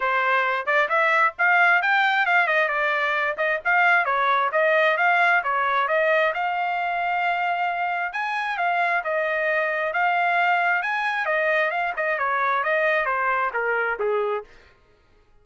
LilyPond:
\new Staff \with { instrumentName = "trumpet" } { \time 4/4 \tempo 4 = 133 c''4. d''8 e''4 f''4 | g''4 f''8 dis''8 d''4. dis''8 | f''4 cis''4 dis''4 f''4 | cis''4 dis''4 f''2~ |
f''2 gis''4 f''4 | dis''2 f''2 | gis''4 dis''4 f''8 dis''8 cis''4 | dis''4 c''4 ais'4 gis'4 | }